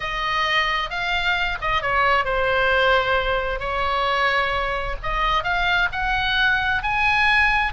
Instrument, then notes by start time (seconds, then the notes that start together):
oboe
0.00 D#5
0.90 F5
1.61 D#5
1.82 C#5
2.24 C5
3.59 C#5
5.02 D#5
5.43 F5
5.92 F#5
6.82 G#5